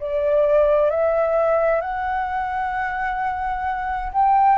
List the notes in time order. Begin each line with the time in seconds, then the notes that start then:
0.00 D5
0.91 E5
1.81 F#5
4.13 G5